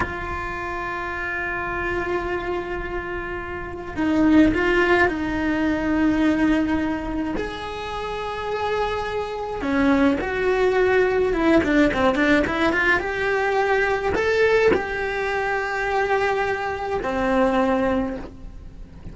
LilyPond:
\new Staff \with { instrumentName = "cello" } { \time 4/4 \tempo 4 = 106 f'1~ | f'2. dis'4 | f'4 dis'2.~ | dis'4 gis'2.~ |
gis'4 cis'4 fis'2 | e'8 d'8 c'8 d'8 e'8 f'8 g'4~ | g'4 a'4 g'2~ | g'2 c'2 | }